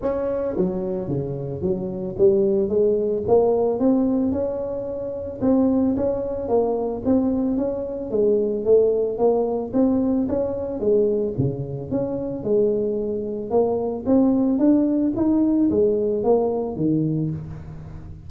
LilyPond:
\new Staff \with { instrumentName = "tuba" } { \time 4/4 \tempo 4 = 111 cis'4 fis4 cis4 fis4 | g4 gis4 ais4 c'4 | cis'2 c'4 cis'4 | ais4 c'4 cis'4 gis4 |
a4 ais4 c'4 cis'4 | gis4 cis4 cis'4 gis4~ | gis4 ais4 c'4 d'4 | dis'4 gis4 ais4 dis4 | }